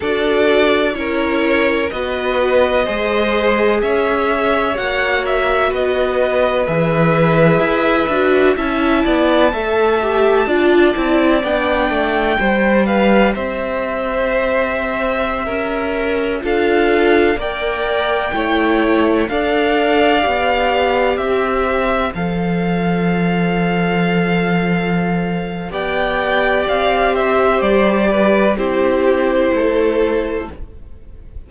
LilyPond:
<<
  \new Staff \with { instrumentName = "violin" } { \time 4/4 \tempo 4 = 63 d''4 cis''4 dis''2 | e''4 fis''8 e''8 dis''4 e''4~ | e''4 a''2. | g''4. f''8 e''2~ |
e''4~ e''16 f''4 g''4.~ g''16~ | g''16 f''2 e''4 f''8.~ | f''2. g''4 | f''8 e''8 d''4 c''2 | }
  \new Staff \with { instrumentName = "violin" } { \time 4/4 a'4 ais'4 b'4 c''4 | cis''2 b'2~ | b'4 e''8 d''8 e''4 d''4~ | d''4 c''8 b'8 c''2~ |
c''16 ais'4 a'4 d''4 cis''8.~ | cis''16 d''2 c''4.~ c''16~ | c''2. d''4~ | d''8 c''4 b'8 g'4 a'4 | }
  \new Staff \with { instrumentName = "viola" } { \time 4/4 fis'4 e'4 fis'4 gis'4~ | gis'4 fis'2 gis'4~ | gis'8 fis'8 e'4 a'8 g'8 f'8 e'8 | d'4 g'2.~ |
g'4~ g'16 f'4 ais'4 e'8.~ | e'16 a'4 g'2 a'8.~ | a'2. g'4~ | g'2 e'2 | }
  \new Staff \with { instrumentName = "cello" } { \time 4/4 d'4 cis'4 b4 gis4 | cis'4 ais4 b4 e4 | e'8 d'8 cis'8 b8 a4 d'8 c'8 | b8 a8 g4 c'2~ |
c'16 cis'4 d'4 ais4 a8.~ | a16 d'4 b4 c'4 f8.~ | f2. b4 | c'4 g4 c'4 a4 | }
>>